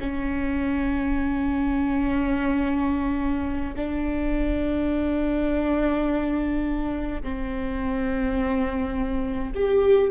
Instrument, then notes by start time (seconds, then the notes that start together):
viola
0.00 C#4
3.76 D4
7.22 C4
9.55 G4